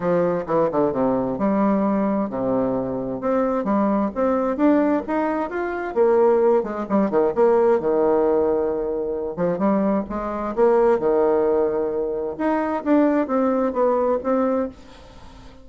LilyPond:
\new Staff \with { instrumentName = "bassoon" } { \time 4/4 \tempo 4 = 131 f4 e8 d8 c4 g4~ | g4 c2 c'4 | g4 c'4 d'4 dis'4 | f'4 ais4. gis8 g8 dis8 |
ais4 dis2.~ | dis8 f8 g4 gis4 ais4 | dis2. dis'4 | d'4 c'4 b4 c'4 | }